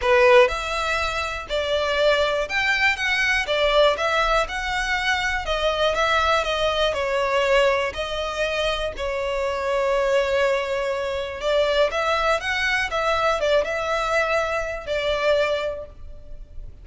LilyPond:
\new Staff \with { instrumentName = "violin" } { \time 4/4 \tempo 4 = 121 b'4 e''2 d''4~ | d''4 g''4 fis''4 d''4 | e''4 fis''2 dis''4 | e''4 dis''4 cis''2 |
dis''2 cis''2~ | cis''2. d''4 | e''4 fis''4 e''4 d''8 e''8~ | e''2 d''2 | }